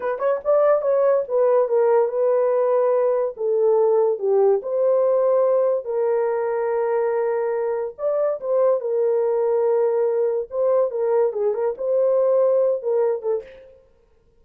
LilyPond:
\new Staff \with { instrumentName = "horn" } { \time 4/4 \tempo 4 = 143 b'8 cis''8 d''4 cis''4 b'4 | ais'4 b'2. | a'2 g'4 c''4~ | c''2 ais'2~ |
ais'2. d''4 | c''4 ais'2.~ | ais'4 c''4 ais'4 gis'8 ais'8 | c''2~ c''8 ais'4 a'8 | }